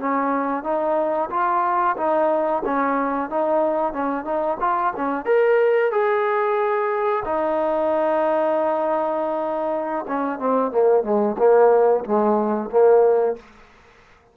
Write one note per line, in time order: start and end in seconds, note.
0.00 0.64 C#4
0.64 1.30 D#4
1.31 1.97 F4
1.97 2.63 D#4
2.66 3.30 C#4
3.30 3.94 D#4
3.94 4.25 C#4
4.25 4.58 D#4
4.61 4.94 F4
4.97 5.26 C#4
5.26 5.92 A#4
5.92 7.24 G#4
7.26 10.06 D#4
10.08 10.39 C#4
10.39 10.72 C4
10.72 11.04 A#3
11.04 11.37 G#3
11.39 12.05 A#3
12.05 12.71 G#3
12.71 13.37 A#3